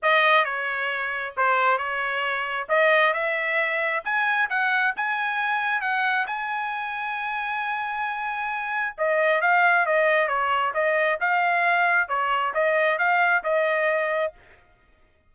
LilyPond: \new Staff \with { instrumentName = "trumpet" } { \time 4/4 \tempo 4 = 134 dis''4 cis''2 c''4 | cis''2 dis''4 e''4~ | e''4 gis''4 fis''4 gis''4~ | gis''4 fis''4 gis''2~ |
gis''1 | dis''4 f''4 dis''4 cis''4 | dis''4 f''2 cis''4 | dis''4 f''4 dis''2 | }